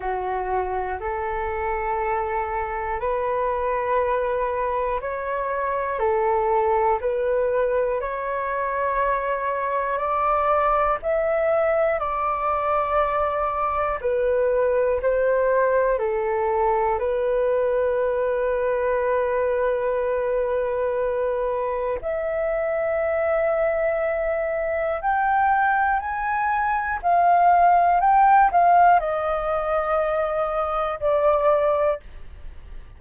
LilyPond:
\new Staff \with { instrumentName = "flute" } { \time 4/4 \tempo 4 = 60 fis'4 a'2 b'4~ | b'4 cis''4 a'4 b'4 | cis''2 d''4 e''4 | d''2 b'4 c''4 |
a'4 b'2.~ | b'2 e''2~ | e''4 g''4 gis''4 f''4 | g''8 f''8 dis''2 d''4 | }